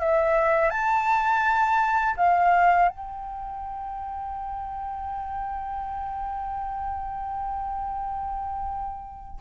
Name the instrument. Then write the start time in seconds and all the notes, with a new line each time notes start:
flute
0.00 E5
0.70 A5
2.17 F5
2.88 G5